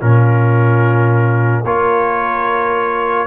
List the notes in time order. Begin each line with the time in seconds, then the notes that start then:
0.00 A#2 C#4 F4 A#4
1.64 A#3 F4 A#4 C#5